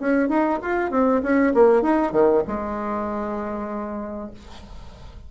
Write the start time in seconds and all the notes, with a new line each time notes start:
0.00 C#4
0.29 D#4
0.62 F4
0.91 C4
1.23 C#4
1.54 A#3
1.83 D#4
2.13 D#3
2.48 G#3